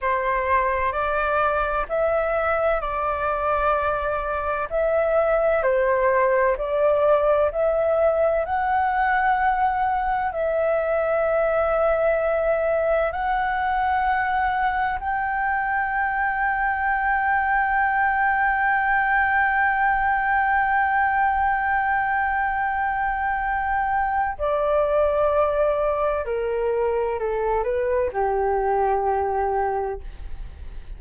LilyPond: \new Staff \with { instrumentName = "flute" } { \time 4/4 \tempo 4 = 64 c''4 d''4 e''4 d''4~ | d''4 e''4 c''4 d''4 | e''4 fis''2 e''4~ | e''2 fis''2 |
g''1~ | g''1~ | g''2 d''2 | ais'4 a'8 b'8 g'2 | }